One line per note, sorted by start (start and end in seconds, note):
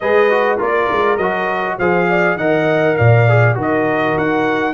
0.00 0.60 G#3
0.00 0.30 G#4
0.00 0.57 B4
0.00 0.59 D#5
0.30 0.58 F#4
0.57 0.91 A#3
0.57 1.18 F4
0.57 1.76 A#4
0.57 1.17 D5
0.91 1.18 G#3
1.17 1.77 F#3
1.17 1.80 F#4
1.17 1.76 D#5
1.78 2.35 F3
1.78 2.39 G#4
1.78 2.07 C5
1.78 2.37 F5
2.09 2.37 D5
2.35 2.95 D#3
2.35 3.28 A#4
2.35 2.97 D#5
2.35 2.96 F#5
2.96 3.57 A#2
2.96 3.57 D5
2.96 3.56 F5
3.28 3.54 G#4
3.54 4.16 D#3
3.54 4.73 F#4
3.54 4.73 A#4
3.61 4.17 D#5
4.17 4.73 D#4
4.17 4.73 F#5